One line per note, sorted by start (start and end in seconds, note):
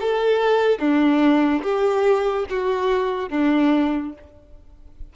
0.00 0.78 A4
0.78 1.62 D4
1.62 2.45 G4
2.49 3.29 F#4
3.29 4.12 D4